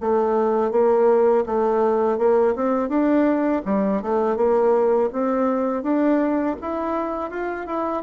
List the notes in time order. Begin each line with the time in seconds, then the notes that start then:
0.00 A3
0.71 A#3
1.46 A3
2.18 A#3
2.55 C4
2.89 D4
3.65 G3
4.02 A3
4.36 A#3
5.12 C4
5.82 D4
6.61 E4
7.30 F4
7.66 E4